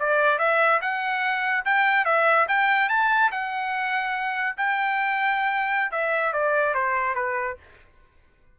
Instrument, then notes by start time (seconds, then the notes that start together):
trumpet
0.00 D5
0.39 E5
0.82 F#5
1.66 G5
2.05 E5
2.49 G5
2.90 A5
3.32 F#5
4.57 G5
5.92 E5
6.34 D5
6.75 C5
7.16 B4